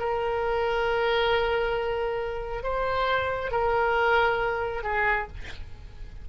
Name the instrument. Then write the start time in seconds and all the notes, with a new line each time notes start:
oboe
0.00 A#4
2.64 C5
3.52 A#4
4.84 G#4